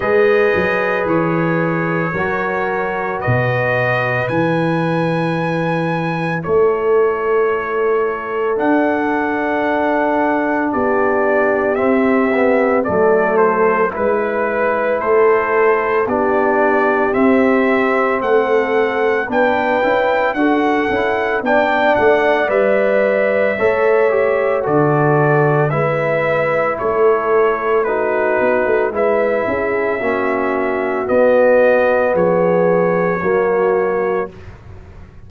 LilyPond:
<<
  \new Staff \with { instrumentName = "trumpet" } { \time 4/4 \tempo 4 = 56 dis''4 cis''2 dis''4 | gis''2 cis''2 | fis''2 d''4 e''4 | d''8 c''8 b'4 c''4 d''4 |
e''4 fis''4 g''4 fis''4 | g''8 fis''8 e''2 d''4 | e''4 cis''4 b'4 e''4~ | e''4 dis''4 cis''2 | }
  \new Staff \with { instrumentName = "horn" } { \time 4/4 b'2 ais'4 b'4~ | b'2 a'2~ | a'2 g'2 | a'4 b'4 a'4 g'4~ |
g'4 a'4 b'4 a'4 | d''2 cis''4 a'4 | b'4 a'4 fis'4 b'8 gis'8 | fis'2 gis'4 fis'4 | }
  \new Staff \with { instrumentName = "trombone" } { \time 4/4 gis'2 fis'2 | e'1 | d'2. c'8 b8 | a4 e'2 d'4 |
c'2 d'8 e'8 fis'8 e'8 | d'4 b'4 a'8 g'8 fis'4 | e'2 dis'4 e'4 | cis'4 b2 ais4 | }
  \new Staff \with { instrumentName = "tuba" } { \time 4/4 gis8 fis8 e4 fis4 b,4 | e2 a2 | d'2 b4 c'4 | fis4 gis4 a4 b4 |
c'4 a4 b8 cis'8 d'8 cis'8 | b8 a8 g4 a4 d4 | gis4 a4. b16 a16 gis8 cis'8 | ais4 b4 f4 fis4 | }
>>